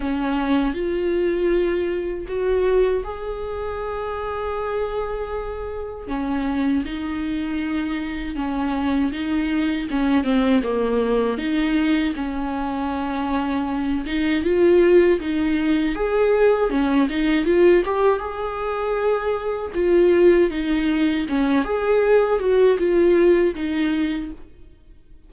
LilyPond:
\new Staff \with { instrumentName = "viola" } { \time 4/4 \tempo 4 = 79 cis'4 f'2 fis'4 | gis'1 | cis'4 dis'2 cis'4 | dis'4 cis'8 c'8 ais4 dis'4 |
cis'2~ cis'8 dis'8 f'4 | dis'4 gis'4 cis'8 dis'8 f'8 g'8 | gis'2 f'4 dis'4 | cis'8 gis'4 fis'8 f'4 dis'4 | }